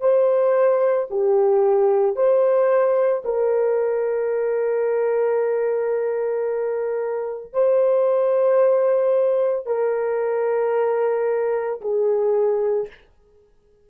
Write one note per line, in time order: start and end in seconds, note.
0.00 1.07 C5
1.10 2.15 G4
2.15 3.22 C5
3.24 7.53 A#4
7.53 9.66 C5
9.66 11.80 A#4
11.81 12.88 G#4